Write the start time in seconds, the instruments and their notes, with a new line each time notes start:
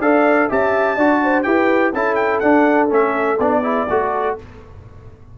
0.00 tuba D4, trombone A4, horn D5, trumpet F5
0.49 tuba C#4, trombone G4, horn E5, trumpet A5
0.97 tuba D4, trombone F#4, horn D5
1.23 horn C5
1.43 tuba E4, trombone G4, horn B4, trumpet G5
1.93 tuba C#4, trombone E4, horn A4, trumpet A5
2.15 trumpet G5
2.40 tuba D4, trombone D4, trumpet F#5
2.89 tuba A3, trombone C#4, trumpet E5
3.39 tuba B3, trombone D4, trumpet D5
3.62 trombone E4, horn G#4
3.89 tuba A3, trombone F#4, horn A4